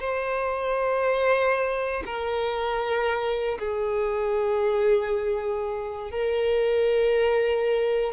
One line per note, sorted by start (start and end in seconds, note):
0.00 2.03 C5
2.06 3.59 A#4
3.59 6.11 G#4
6.11 8.13 A#4